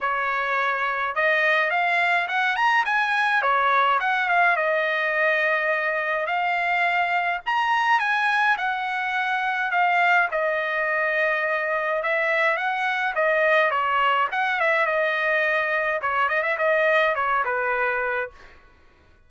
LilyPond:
\new Staff \with { instrumentName = "trumpet" } { \time 4/4 \tempo 4 = 105 cis''2 dis''4 f''4 | fis''8 ais''8 gis''4 cis''4 fis''8 f''8 | dis''2. f''4~ | f''4 ais''4 gis''4 fis''4~ |
fis''4 f''4 dis''2~ | dis''4 e''4 fis''4 dis''4 | cis''4 fis''8 e''8 dis''2 | cis''8 dis''16 e''16 dis''4 cis''8 b'4. | }